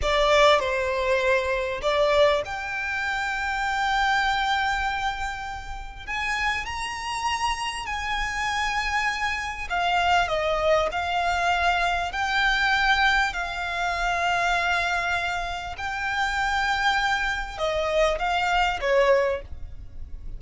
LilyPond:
\new Staff \with { instrumentName = "violin" } { \time 4/4 \tempo 4 = 99 d''4 c''2 d''4 | g''1~ | g''2 gis''4 ais''4~ | ais''4 gis''2. |
f''4 dis''4 f''2 | g''2 f''2~ | f''2 g''2~ | g''4 dis''4 f''4 cis''4 | }